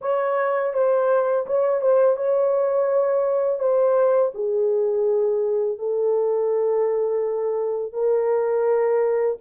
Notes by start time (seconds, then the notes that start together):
0.01 C#5
0.73 C5
1.46 C#5
1.81 C5
2.16 C#5
3.59 C5
4.34 G#4
5.78 A4
7.92 A#4